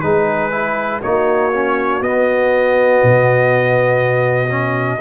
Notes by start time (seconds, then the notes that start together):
0.00 G#3 D#4 G#4 B4
0.51 E4
1.00 A#3 D#4 F#4 C#5
1.53 C#4
2.01 B3 D#5
3.03 B2
4.49 C#4